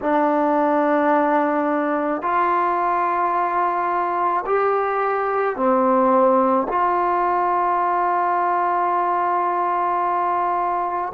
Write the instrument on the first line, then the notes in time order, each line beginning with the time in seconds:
trombone
0.02 D4
2.22 F4
4.45 G4
5.56 C4
6.68 F4